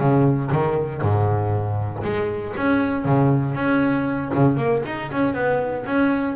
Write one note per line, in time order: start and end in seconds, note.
0.00 0.51 C#3
0.52 1.02 D#3
1.02 2.03 G#2
2.04 2.55 G#3
2.57 3.05 C#4
3.05 3.55 C#3
3.55 4.31 C#4
4.34 4.57 C#3
4.57 4.83 A#3
4.86 5.11 D#4
5.12 5.34 C#4
5.34 5.85 B3
5.86 6.37 C#4